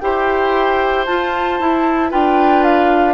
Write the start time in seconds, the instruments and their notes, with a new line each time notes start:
0.00 bassoon E4, clarinet G4, oboe C5, flute G5
1.06 bassoon F4, clarinet F4, flute A5
1.60 clarinet E4, bassoon E4
2.11 bassoon D4, clarinet F4, oboe B4, flute G5
2.64 flute F5